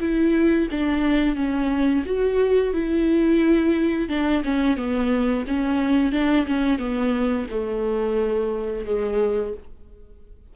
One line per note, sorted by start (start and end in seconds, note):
0.00 0.68 E4
0.71 1.36 D4
1.36 2.04 C#4
2.06 2.73 F#4
2.73 4.09 E4
4.09 4.43 D4
4.45 4.77 C#4
4.77 5.45 B3
5.47 6.12 C#4
6.12 6.46 D4
6.47 6.79 C#4
6.79 7.47 B3
7.50 8.85 A3
8.85 9.54 G#3